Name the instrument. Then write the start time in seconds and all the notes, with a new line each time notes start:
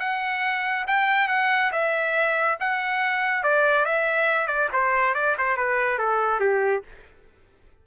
trumpet
0.00 F#5
0.87 G5
1.29 F#5
1.73 E5
2.60 F#5
3.44 D5
3.86 E5
4.48 D5
4.73 C5
5.15 D5
5.38 C5
5.57 B4
5.99 A4
6.41 G4